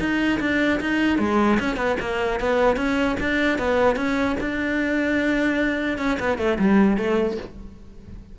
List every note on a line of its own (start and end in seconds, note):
0.00 0.40 D#4
0.40 0.80 D4
0.81 1.19 D#4
1.19 1.59 G#3
1.60 1.77 C#4
1.77 1.97 B3
2.01 2.40 A#3
2.40 2.77 B3
2.77 3.17 C#4
3.20 3.59 D4
3.59 3.96 B3
3.96 4.36 C#4
4.41 5.99 D4
5.99 6.19 C#4
6.20 6.38 B3
6.38 6.58 A3
6.59 6.97 G3
6.97 7.37 A3